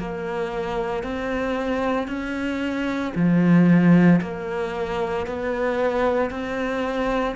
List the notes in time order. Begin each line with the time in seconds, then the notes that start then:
0.00 A#3
1.04 C4
2.08 C#4
3.16 F3
4.22 A#3
5.27 B3
6.31 C4